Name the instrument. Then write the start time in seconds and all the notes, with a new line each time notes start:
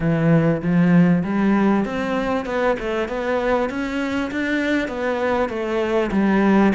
cello
0.00 E3
0.62 F3
1.24 G3
1.85 C4
2.45 B3
2.79 A3
3.08 B3
3.69 C#4
4.31 D4
4.88 B3
5.49 A3
6.11 G3